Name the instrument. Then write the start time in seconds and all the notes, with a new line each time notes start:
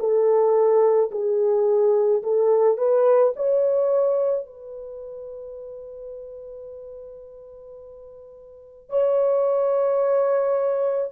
horn
0.00 A4
1.12 G#4
2.23 A4
2.78 B4
3.36 C#5
4.46 B4
8.90 C#5